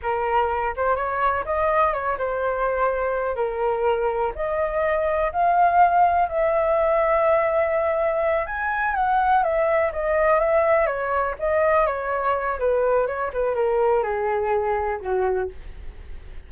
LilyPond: \new Staff \with { instrumentName = "flute" } { \time 4/4 \tempo 4 = 124 ais'4. c''8 cis''4 dis''4 | cis''8 c''2~ c''8 ais'4~ | ais'4 dis''2 f''4~ | f''4 e''2.~ |
e''4. gis''4 fis''4 e''8~ | e''8 dis''4 e''4 cis''4 dis''8~ | dis''8 cis''4. b'4 cis''8 b'8 | ais'4 gis'2 fis'4 | }